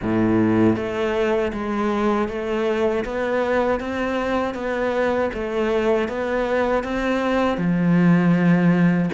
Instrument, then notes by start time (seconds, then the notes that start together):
cello
0.02 A2
0.76 A3
1.52 G#3
2.28 A3
3.04 B3
3.80 C4
4.54 B3
5.33 A3
6.08 B3
6.83 C4
7.57 F3